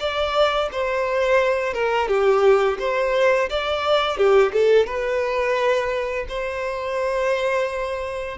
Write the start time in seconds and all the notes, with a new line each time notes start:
0.00 D5
0.72 C5
1.74 A#4
2.08 G4
2.80 C5
3.50 D5
4.18 G4
4.53 A4
4.87 B4
6.29 C5